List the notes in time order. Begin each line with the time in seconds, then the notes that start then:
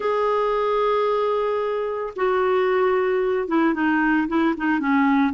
0.00 G#4
2.16 F#4
3.48 E4
3.74 D#4
4.27 E4
4.57 D#4
4.79 C#4